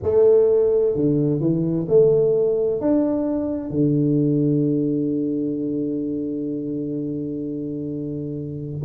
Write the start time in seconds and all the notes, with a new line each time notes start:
0.02 A3
0.95 D3
1.40 E3
1.88 A3
2.80 D4
3.70 D3